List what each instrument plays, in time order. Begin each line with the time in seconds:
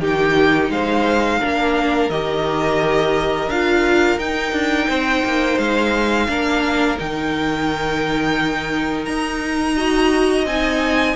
0.00 cello D#3, viola D#4, violin G4 G5
0.70 cello G#3, violin C5 F5
1.40 cello A#3, viola D4, violin A#4
2.10 cello D#3, viola G4, violin D#5
3.48 cello D4, viola F4, violin F5
4.18 cello D#4, viola D#4, violin G5
4.53 cello D4
4.89 cello C4, violin C5
5.26 cello A#3
5.59 cello G#3, violin F5
6.29 cello A#3, viola D4, violin A#4
6.97 cello D#3, viola D#4, violin G5
9.06 cello D#4, violin A#5
9.76 viola F#4, violin D#5
10.46 cello C4, viola D#4, violin G#5